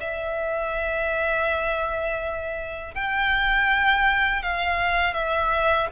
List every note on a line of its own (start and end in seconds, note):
0.00 2.94 E5
2.94 4.42 G5
4.42 5.13 F5
5.13 5.88 E5